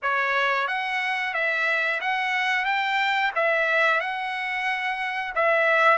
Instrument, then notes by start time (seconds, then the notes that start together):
trumpet
0.02 C#5
0.67 F#5
1.33 E5
2.00 F#5
2.65 G5
3.35 E5
4.00 F#5
5.35 E5